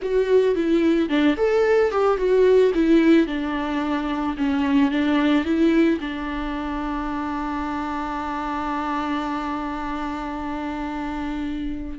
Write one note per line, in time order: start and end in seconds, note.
0.01 0.55 F#4
0.55 1.09 E4
1.09 1.36 D4
1.36 1.91 A4
1.91 2.17 G4
2.17 2.71 F#4
2.74 3.26 E4
3.26 4.35 D4
4.37 4.91 C#4
4.91 5.44 D4
5.44 5.99 E4
6.00 11.98 D4